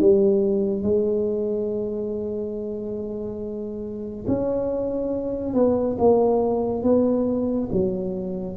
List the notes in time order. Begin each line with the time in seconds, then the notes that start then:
0.00 G3
0.83 G#3
4.27 C#4
5.54 B3
5.98 A#3
6.83 B3
7.72 F#3